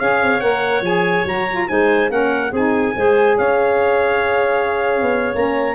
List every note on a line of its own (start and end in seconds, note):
0.00 0.22 C#4
0.00 0.41 G#4
0.00 1.69 C#5
0.00 0.41 F5
0.22 0.42 C4
0.41 0.82 A#3
0.41 0.83 A#4
0.41 0.83 F#5
0.82 1.24 F3
0.82 1.27 G#4
0.82 1.27 G#5
1.26 1.68 F#3
1.26 1.48 F#4
1.26 1.69 A#5
1.51 1.69 F4
1.69 2.10 G#3
1.69 2.10 D#4
1.69 2.11 C5
1.69 2.11 G#5
2.10 2.52 A#3
2.10 2.52 C#4
2.10 2.52 A#4
2.10 2.54 F#5
2.52 2.94 C4
2.52 2.97 D#4
2.52 2.94 G#4
2.52 3.39 G#5
2.96 3.39 G#3
2.96 5.35 G#4
2.96 3.38 C5
3.38 5.03 C#4
3.38 5.76 C#5
3.38 5.36 F5
5.03 5.34 B3
5.35 5.76 A#3
5.35 5.76 C#4
5.35 5.76 A#5